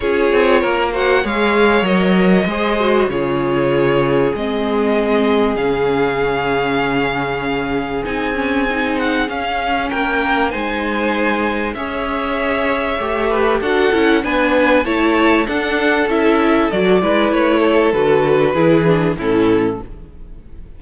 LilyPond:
<<
  \new Staff \with { instrumentName = "violin" } { \time 4/4 \tempo 4 = 97 cis''4. fis''8 f''4 dis''4~ | dis''4 cis''2 dis''4~ | dis''4 f''2.~ | f''4 gis''4. fis''8 f''4 |
g''4 gis''2 e''4~ | e''2 fis''4 gis''4 | a''4 fis''4 e''4 d''4 | cis''4 b'2 a'4 | }
  \new Staff \with { instrumentName = "violin" } { \time 4/4 gis'4 ais'8 c''8 cis''2 | c''4 gis'2.~ | gis'1~ | gis'1 |
ais'4 c''2 cis''4~ | cis''4. b'8 a'4 b'4 | cis''4 a'2~ a'8 b'8~ | b'8 a'4. gis'4 e'4 | }
  \new Staff \with { instrumentName = "viola" } { \time 4/4 f'4. fis'8 gis'4 ais'4 | gis'8 fis'8 f'2 c'4~ | c'4 cis'2.~ | cis'4 dis'8 cis'8 dis'4 cis'4~ |
cis'4 dis'2 gis'4~ | gis'4 g'4 fis'8 e'8 d'4 | e'4 d'4 e'4 fis'8 e'8~ | e'4 fis'4 e'8 d'8 cis'4 | }
  \new Staff \with { instrumentName = "cello" } { \time 4/4 cis'8 c'8 ais4 gis4 fis4 | gis4 cis2 gis4~ | gis4 cis2.~ | cis4 c'2 cis'4 |
ais4 gis2 cis'4~ | cis'4 a4 d'8 cis'8 b4 | a4 d'4 cis'4 fis8 gis8 | a4 d4 e4 a,4 | }
>>